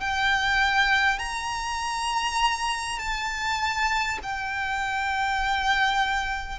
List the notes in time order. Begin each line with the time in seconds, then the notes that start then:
0.00 G5
1.18 A#5
2.98 A5
4.23 G5